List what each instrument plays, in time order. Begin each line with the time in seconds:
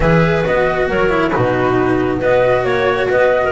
0.00 double bass E3, cello G#4, clarinet B4, flute E5
0.44 double bass B3, cello F#4, flute D#5
0.88 double bass F#3, clarinet A#4, flute C#5
1.09 cello E4
1.30 cello D#4, clarinet F#4, flute B4
1.36 double bass B2
2.18 double bass B3, cello F#4, clarinet B4, flute D#5
2.64 double bass A#3, clarinet C#5, flute C#5
3.09 double bass B3, clarinet B4, flute D#5
3.44 clarinet A#4